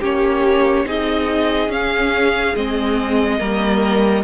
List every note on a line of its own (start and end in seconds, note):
0.00 0.84 A#3
0.00 0.85 C#4
0.00 0.85 G4
0.00 0.88 C#5
0.84 1.68 C4
0.84 1.68 D#4
0.84 3.40 G#4
0.84 1.71 D#5
1.68 2.52 C#4
1.68 2.53 C#4
1.68 2.55 F5
2.55 3.39 G#3
2.55 3.39 C4
2.55 4.24 D#5
3.39 4.24 G3
3.39 4.23 A#3
3.39 4.24 A#4